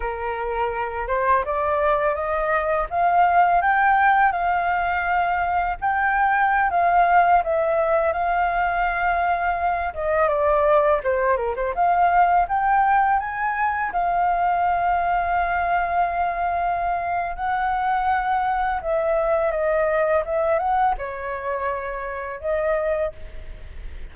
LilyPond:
\new Staff \with { instrumentName = "flute" } { \time 4/4 \tempo 4 = 83 ais'4. c''8 d''4 dis''4 | f''4 g''4 f''2 | g''4~ g''16 f''4 e''4 f''8.~ | f''4.~ f''16 dis''8 d''4 c''8 ais'16 |
c''16 f''4 g''4 gis''4 f''8.~ | f''1 | fis''2 e''4 dis''4 | e''8 fis''8 cis''2 dis''4 | }